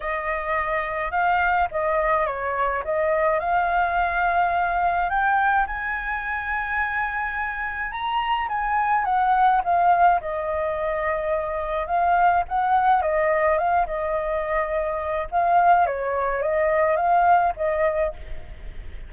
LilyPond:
\new Staff \with { instrumentName = "flute" } { \time 4/4 \tempo 4 = 106 dis''2 f''4 dis''4 | cis''4 dis''4 f''2~ | f''4 g''4 gis''2~ | gis''2 ais''4 gis''4 |
fis''4 f''4 dis''2~ | dis''4 f''4 fis''4 dis''4 | f''8 dis''2~ dis''8 f''4 | cis''4 dis''4 f''4 dis''4 | }